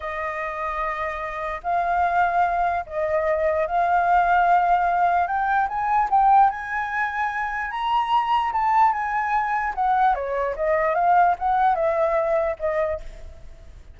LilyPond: \new Staff \with { instrumentName = "flute" } { \time 4/4 \tempo 4 = 148 dis''1 | f''2. dis''4~ | dis''4 f''2.~ | f''4 g''4 gis''4 g''4 |
gis''2. ais''4~ | ais''4 a''4 gis''2 | fis''4 cis''4 dis''4 f''4 | fis''4 e''2 dis''4 | }